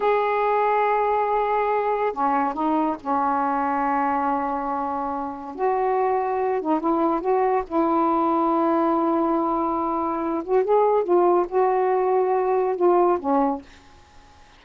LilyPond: \new Staff \with { instrumentName = "saxophone" } { \time 4/4 \tempo 4 = 141 gis'1~ | gis'4 cis'4 dis'4 cis'4~ | cis'1~ | cis'4 fis'2~ fis'8 dis'8 |
e'4 fis'4 e'2~ | e'1~ | e'8 fis'8 gis'4 f'4 fis'4~ | fis'2 f'4 cis'4 | }